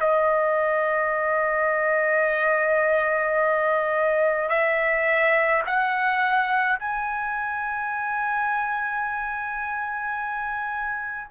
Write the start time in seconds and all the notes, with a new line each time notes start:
0.00 D#5
4.49 E5
5.67 F#5
6.79 G#5